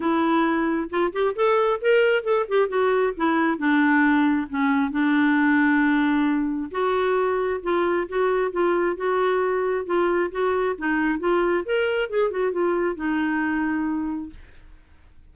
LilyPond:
\new Staff \with { instrumentName = "clarinet" } { \time 4/4 \tempo 4 = 134 e'2 f'8 g'8 a'4 | ais'4 a'8 g'8 fis'4 e'4 | d'2 cis'4 d'4~ | d'2. fis'4~ |
fis'4 f'4 fis'4 f'4 | fis'2 f'4 fis'4 | dis'4 f'4 ais'4 gis'8 fis'8 | f'4 dis'2. | }